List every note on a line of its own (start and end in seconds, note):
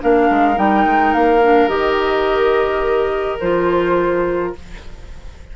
0.00 0.30 A#3
0.00 0.55 D4
0.00 4.56 A#4
0.00 0.58 F5
0.30 0.58 G#3
0.55 0.86 G3
0.55 1.40 D#4
0.55 1.13 G5
0.86 1.14 G#3
1.13 1.68 A#3
1.13 1.69 F5
1.42 1.69 D4
1.68 3.38 D#3
1.68 3.38 G4
1.68 3.38 D#5
3.40 4.55 F3
3.40 4.55 F4
3.40 4.53 C5